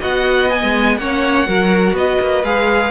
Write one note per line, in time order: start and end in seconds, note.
0.00 0.62 B3
0.00 0.49 F#4
0.00 0.98 D#5
0.00 0.50 F#5
0.50 0.99 B3
0.50 0.98 G#5
0.62 0.98 G#3
0.98 1.47 A#3
0.98 1.46 C#4
0.98 1.47 C#5
0.98 1.95 F#5
1.46 1.93 F#3
1.46 2.44 F#4
1.46 1.96 A#4
1.93 2.17 B3
1.93 2.91 B4
1.93 2.45 D#5
2.20 2.43 A#3
2.43 2.91 G#3
2.43 2.91 G#4
2.43 2.91 F5